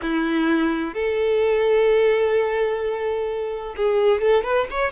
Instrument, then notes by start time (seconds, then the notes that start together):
violin
0.01 E4
0.94 A4
3.76 G#4
4.21 A4
4.43 B4
4.70 C#5